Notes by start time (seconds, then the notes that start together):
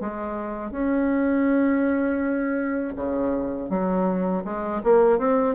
0.00 G#3
0.71 C#4
2.96 C#3
3.70 F#3
4.44 G#3
4.84 A#3
5.19 C4